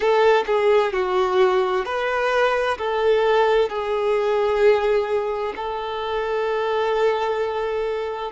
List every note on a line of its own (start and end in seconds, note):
0.00 0.44 A4
0.46 0.92 G#4
0.92 1.85 F#4
1.85 2.77 B4
2.77 3.69 A4
3.69 5.53 G#4
5.56 8.32 A4